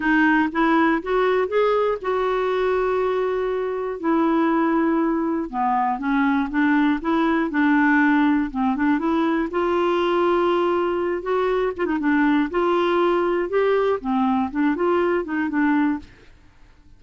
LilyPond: \new Staff \with { instrumentName = "clarinet" } { \time 4/4 \tempo 4 = 120 dis'4 e'4 fis'4 gis'4 | fis'1 | e'2. b4 | cis'4 d'4 e'4 d'4~ |
d'4 c'8 d'8 e'4 f'4~ | f'2~ f'8 fis'4 f'16 dis'16 | d'4 f'2 g'4 | c'4 d'8 f'4 dis'8 d'4 | }